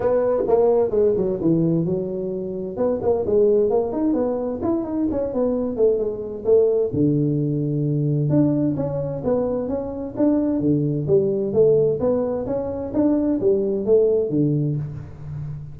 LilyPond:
\new Staff \with { instrumentName = "tuba" } { \time 4/4 \tempo 4 = 130 b4 ais4 gis8 fis8 e4 | fis2 b8 ais8 gis4 | ais8 dis'8 b4 e'8 dis'8 cis'8 b8~ | b8 a8 gis4 a4 d4~ |
d2 d'4 cis'4 | b4 cis'4 d'4 d4 | g4 a4 b4 cis'4 | d'4 g4 a4 d4 | }